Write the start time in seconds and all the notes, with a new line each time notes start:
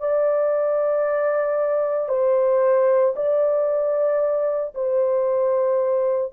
0.00 D5
2.09 C5
3.16 D5
4.75 C5